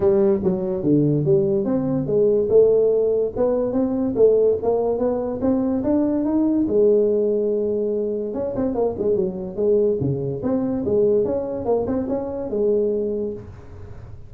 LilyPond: \new Staff \with { instrumentName = "tuba" } { \time 4/4 \tempo 4 = 144 g4 fis4 d4 g4 | c'4 gis4 a2 | b4 c'4 a4 ais4 | b4 c'4 d'4 dis'4 |
gis1 | cis'8 c'8 ais8 gis8 fis4 gis4 | cis4 c'4 gis4 cis'4 | ais8 c'8 cis'4 gis2 | }